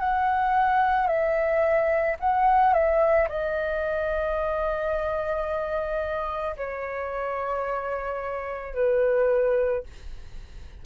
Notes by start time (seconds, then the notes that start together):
0.00 F#5
1.07 E5
2.20 F#5
2.74 E5
3.29 D#5
6.57 C#5
8.75 B4